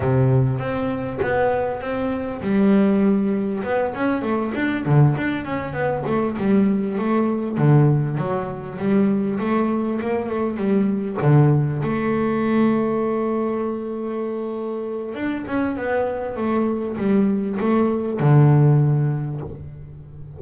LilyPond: \new Staff \with { instrumentName = "double bass" } { \time 4/4 \tempo 4 = 99 c4 c'4 b4 c'4 | g2 b8 cis'8 a8 d'8 | d8 d'8 cis'8 b8 a8 g4 a8~ | a8 d4 fis4 g4 a8~ |
a8 ais8 a8 g4 d4 a8~ | a1~ | a4 d'8 cis'8 b4 a4 | g4 a4 d2 | }